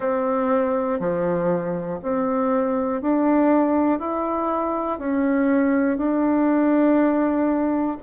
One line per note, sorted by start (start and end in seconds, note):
0.00 0.99 C4
0.99 1.99 F3
2.02 3.01 C4
3.01 3.99 D4
3.99 4.99 E4
4.99 5.97 C#4
5.97 7.97 D4